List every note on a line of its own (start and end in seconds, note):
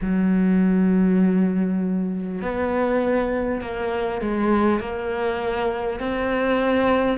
0.01 2.41 F#3
2.41 3.61 B3
3.61 4.21 A#3
4.21 4.79 G#3
4.79 5.99 A#3
5.99 7.17 C4